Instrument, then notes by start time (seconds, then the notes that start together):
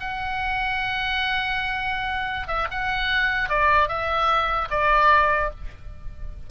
oboe
0.00 F#5
2.47 E5
2.71 F#5
3.49 D5
3.88 E5
4.71 D5